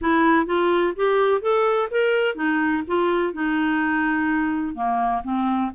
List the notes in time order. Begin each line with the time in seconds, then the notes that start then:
0.01 E4
0.46 F4
0.95 G4
1.41 A4
1.90 A#4
2.35 D#4
2.87 F4
3.33 D#4
4.74 A#3
5.23 C4